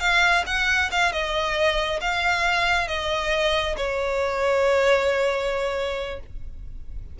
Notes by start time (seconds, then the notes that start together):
0.00 F5
0.46 F#5
0.91 F5
1.12 D#5
2.01 F5
2.88 D#5
3.77 C#5